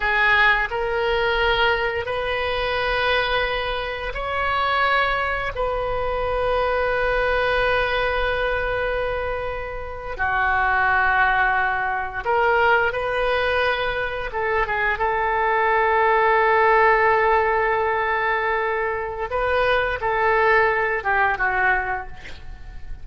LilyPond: \new Staff \with { instrumentName = "oboe" } { \time 4/4 \tempo 4 = 87 gis'4 ais'2 b'4~ | b'2 cis''2 | b'1~ | b'2~ b'8. fis'4~ fis'16~ |
fis'4.~ fis'16 ais'4 b'4~ b'16~ | b'8. a'8 gis'8 a'2~ a'16~ | a'1 | b'4 a'4. g'8 fis'4 | }